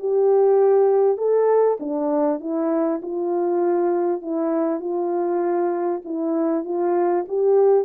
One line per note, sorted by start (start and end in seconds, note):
0.00 1.18 G4
1.18 1.78 A4
1.80 2.40 D4
2.40 3.01 E4
3.03 4.22 F4
4.22 4.80 E4
4.80 6.01 F4
6.05 6.65 E4
6.65 7.26 F4
7.29 7.85 G4